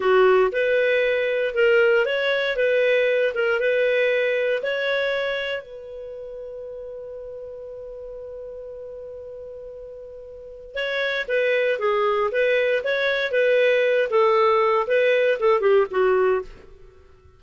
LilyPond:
\new Staff \with { instrumentName = "clarinet" } { \time 4/4 \tempo 4 = 117 fis'4 b'2 ais'4 | cis''4 b'4. ais'8 b'4~ | b'4 cis''2 b'4~ | b'1~ |
b'1~ | b'4 cis''4 b'4 gis'4 | b'4 cis''4 b'4. a'8~ | a'4 b'4 a'8 g'8 fis'4 | }